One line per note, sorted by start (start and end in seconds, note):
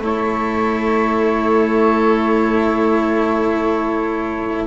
0.00 4.66 A3
0.00 4.67 E4
0.00 4.67 A4
0.00 4.67 C#5